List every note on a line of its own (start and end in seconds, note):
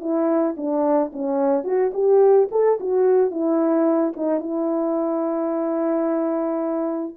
0.00 0.55 E4
0.57 1.12 D4
1.13 1.64 C#4
1.64 1.92 F#4
1.93 2.48 G4
2.51 2.79 A4
2.80 3.31 F#4
3.31 4.13 E4
4.16 4.40 D#4
4.40 7.15 E4